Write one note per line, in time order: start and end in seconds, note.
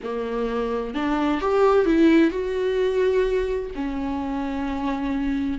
0.03 0.94 A#3
0.94 1.40 D4
1.40 1.85 G4
1.85 2.30 E4
2.30 3.70 F#4
3.75 5.58 C#4